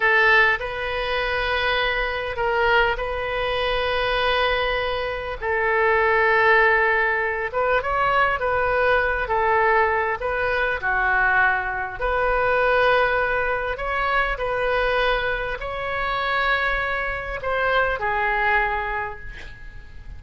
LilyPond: \new Staff \with { instrumentName = "oboe" } { \time 4/4 \tempo 4 = 100 a'4 b'2. | ais'4 b'2.~ | b'4 a'2.~ | a'8 b'8 cis''4 b'4. a'8~ |
a'4 b'4 fis'2 | b'2. cis''4 | b'2 cis''2~ | cis''4 c''4 gis'2 | }